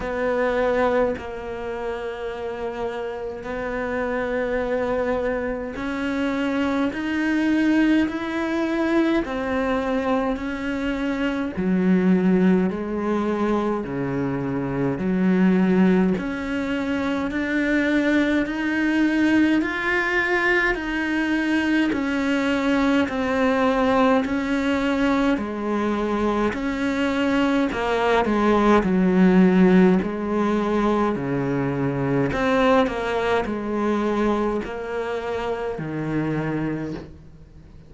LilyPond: \new Staff \with { instrumentName = "cello" } { \time 4/4 \tempo 4 = 52 b4 ais2 b4~ | b4 cis'4 dis'4 e'4 | c'4 cis'4 fis4 gis4 | cis4 fis4 cis'4 d'4 |
dis'4 f'4 dis'4 cis'4 | c'4 cis'4 gis4 cis'4 | ais8 gis8 fis4 gis4 cis4 | c'8 ais8 gis4 ais4 dis4 | }